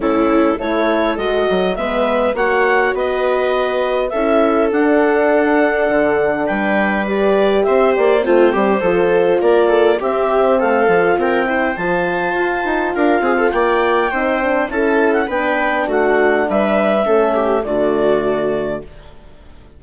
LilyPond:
<<
  \new Staff \with { instrumentName = "clarinet" } { \time 4/4 \tempo 4 = 102 a'4 cis''4 dis''4 e''4 | fis''4 dis''2 e''4 | fis''2. g''4 | d''4 e''8 d''8 c''2 |
d''4 e''4 f''4 g''4 | a''2 f''4 g''4~ | g''4 a''8. fis''16 g''4 fis''4 | e''2 d''2 | }
  \new Staff \with { instrumentName = "viola" } { \time 4/4 e'4 a'2 b'4 | cis''4 b'2 a'4~ | a'2. b'4~ | b'4 c''4 f'8 g'8 a'4 |
ais'8 a'8 g'4 a'4 ais'8 c''8~ | c''2 ais'8 gis'16 a'16 d''4 | c''4 a'4 b'4 fis'4 | b'4 a'8 g'8 fis'2 | }
  \new Staff \with { instrumentName = "horn" } { \time 4/4 cis'4 e'4 fis'4 b4 | fis'2. e'4 | d'1 | g'2 c'4 f'4~ |
f'4 c'4. f'4 e'8 | f'1 | dis'8 d'8 e'4 d'2~ | d'4 cis'4 a2 | }
  \new Staff \with { instrumentName = "bassoon" } { \time 4/4 a,4 a4 gis8 fis8 gis4 | ais4 b2 cis'4 | d'2 d4 g4~ | g4 c'8 ais8 a8 g8 f4 |
ais4 c'4 a8 f8 c'4 | f4 f'8 dis'8 d'8 c'8 ais4 | c'4 cis'4 b4 a4 | g4 a4 d2 | }
>>